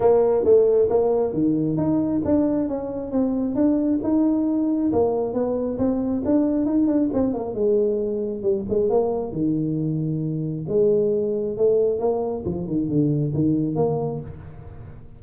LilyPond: \new Staff \with { instrumentName = "tuba" } { \time 4/4 \tempo 4 = 135 ais4 a4 ais4 dis4 | dis'4 d'4 cis'4 c'4 | d'4 dis'2 ais4 | b4 c'4 d'4 dis'8 d'8 |
c'8 ais8 gis2 g8 gis8 | ais4 dis2. | gis2 a4 ais4 | f8 dis8 d4 dis4 ais4 | }